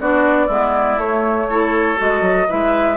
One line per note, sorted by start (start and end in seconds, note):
0.00 0.49 B3
0.00 0.49 D4
0.00 0.47 F#4
0.00 0.99 D5
0.47 0.97 G#3
0.47 0.99 B3
0.47 1.47 E4
0.97 1.97 A3
0.97 1.99 C#5
1.03 1.50 A3
1.49 1.97 E4
1.49 2.48 A4
1.97 2.21 G#3
1.97 2.47 F#4
1.97 2.51 D#5
2.21 2.46 F#3
2.48 2.96 G#3
2.48 2.96 E4
2.48 2.96 B4
2.48 2.96 E5